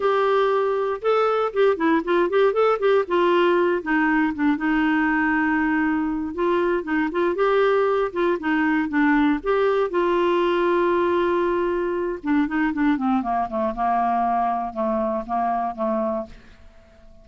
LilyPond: \new Staff \with { instrumentName = "clarinet" } { \time 4/4 \tempo 4 = 118 g'2 a'4 g'8 e'8 | f'8 g'8 a'8 g'8 f'4. dis'8~ | dis'8 d'8 dis'2.~ | dis'8 f'4 dis'8 f'8 g'4. |
f'8 dis'4 d'4 g'4 f'8~ | f'1 | d'8 dis'8 d'8 c'8 ais8 a8 ais4~ | ais4 a4 ais4 a4 | }